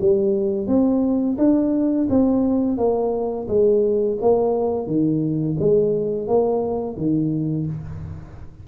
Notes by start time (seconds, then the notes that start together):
0.00 G3
0.67 C4
1.38 D4
2.10 C4
2.77 A#3
3.48 G#3
4.21 A#3
4.86 D#3
5.59 G#3
6.27 A#3
6.97 D#3